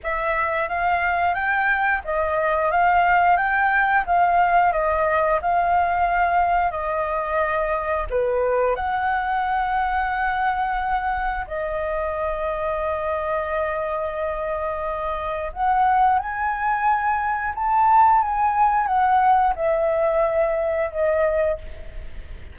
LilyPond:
\new Staff \with { instrumentName = "flute" } { \time 4/4 \tempo 4 = 89 e''4 f''4 g''4 dis''4 | f''4 g''4 f''4 dis''4 | f''2 dis''2 | b'4 fis''2.~ |
fis''4 dis''2.~ | dis''2. fis''4 | gis''2 a''4 gis''4 | fis''4 e''2 dis''4 | }